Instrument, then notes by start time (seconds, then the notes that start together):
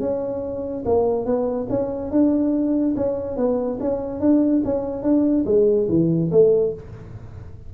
tuba
0.00 C#4
0.86 A#3
1.25 B3
1.70 C#4
2.11 D4
2.97 C#4
3.37 B3
3.80 C#4
4.21 D4
4.65 C#4
5.03 D4
5.46 G#3
5.89 E3
6.32 A3